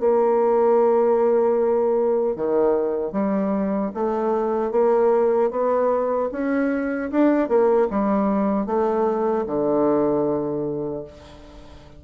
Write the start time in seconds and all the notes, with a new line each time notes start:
0.00 A#3
2.36 D#3
3.13 G3
3.95 A3
4.72 A#3
5.51 B3
6.32 C#4
7.12 D4
7.49 A#3
7.91 G3
8.67 A3
9.47 D3